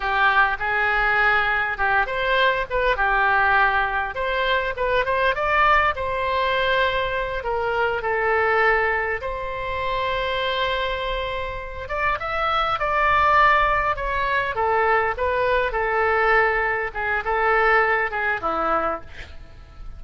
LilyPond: \new Staff \with { instrumentName = "oboe" } { \time 4/4 \tempo 4 = 101 g'4 gis'2 g'8 c''8~ | c''8 b'8 g'2 c''4 | b'8 c''8 d''4 c''2~ | c''8 ais'4 a'2 c''8~ |
c''1 | d''8 e''4 d''2 cis''8~ | cis''8 a'4 b'4 a'4.~ | a'8 gis'8 a'4. gis'8 e'4 | }